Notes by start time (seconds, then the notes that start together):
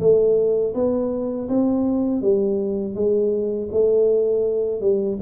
0.00 A3
0.74 B3
1.48 C4
2.22 G3
2.95 G#3
3.71 A3
4.81 G3